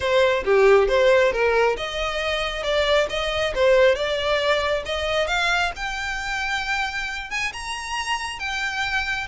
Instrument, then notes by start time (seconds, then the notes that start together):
violin
0.00 C5
0.45 G4
0.88 C5
1.32 A#4
1.76 D#5
2.63 D5
3.09 D#5
3.54 C5
3.95 D5
4.85 D#5
5.27 F5
5.76 G5
7.30 G#5
7.52 A#5
8.39 G5